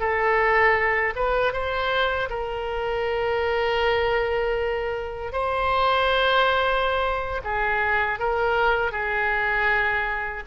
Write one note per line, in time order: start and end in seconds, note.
0.00 1.14 A4
1.16 1.53 B4
1.53 2.29 C5
2.30 5.33 A#4
5.33 7.42 C5
7.44 8.20 G#4
8.20 8.92 A#4
8.92 10.44 G#4